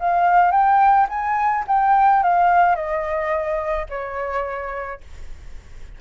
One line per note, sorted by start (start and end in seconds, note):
0.00 0.52 F5
0.52 1.07 G5
1.09 1.64 G#5
1.67 2.23 G5
2.23 2.75 F5
2.75 3.86 D#5
3.90 5.01 C#5